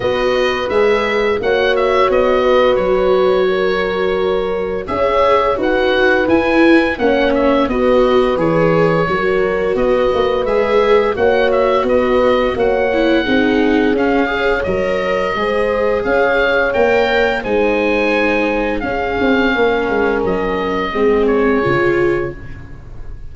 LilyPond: <<
  \new Staff \with { instrumentName = "oboe" } { \time 4/4 \tempo 4 = 86 dis''4 e''4 fis''8 e''8 dis''4 | cis''2. e''4 | fis''4 gis''4 fis''8 e''8 dis''4 | cis''2 dis''4 e''4 |
fis''8 e''8 dis''4 fis''2 | f''4 dis''2 f''4 | g''4 gis''2 f''4~ | f''4 dis''4. cis''4. | }
  \new Staff \with { instrumentName = "horn" } { \time 4/4 b'2 cis''4. b'8~ | b'4 ais'2 cis''4 | b'2 cis''4 b'4~ | b'4 ais'4 b'2 |
cis''4 b'4 cis''4 gis'4~ | gis'8 cis''4. c''4 cis''4~ | cis''4 c''2 gis'4 | ais'2 gis'2 | }
  \new Staff \with { instrumentName = "viola" } { \time 4/4 fis'4 gis'4 fis'2~ | fis'2. gis'4 | fis'4 e'4 cis'4 fis'4 | gis'4 fis'2 gis'4 |
fis'2~ fis'8 e'8 dis'4 | cis'8 gis'8 ais'4 gis'2 | ais'4 dis'2 cis'4~ | cis'2 c'4 f'4 | }
  \new Staff \with { instrumentName = "tuba" } { \time 4/4 b4 gis4 ais4 b4 | fis2. cis'4 | dis'4 e'4 ais4 b4 | e4 fis4 b8 ais8 gis4 |
ais4 b4 ais4 c'4 | cis'4 fis4 gis4 cis'4 | ais4 gis2 cis'8 c'8 | ais8 gis8 fis4 gis4 cis4 | }
>>